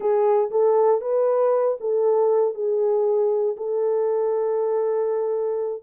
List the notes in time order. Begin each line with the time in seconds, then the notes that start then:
0.00 G#4
0.51 A4
1.01 B4
1.80 A4
2.54 G#4
3.57 A4